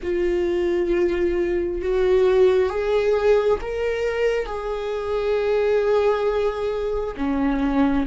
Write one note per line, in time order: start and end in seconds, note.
0.02 1.81 F4
1.81 2.69 F#4
2.69 3.59 G#4
3.61 4.46 A#4
4.46 7.14 G#4
7.16 8.06 C#4